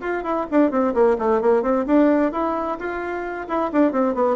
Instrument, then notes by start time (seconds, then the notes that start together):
bassoon
0.00 F4
0.23 E4
0.51 D4
0.70 C4
0.94 A#3
1.18 A3
1.41 A#3
1.62 C4
1.86 D4
2.32 E4
2.79 F4
3.47 E4
3.72 D4
3.92 C4
4.14 B3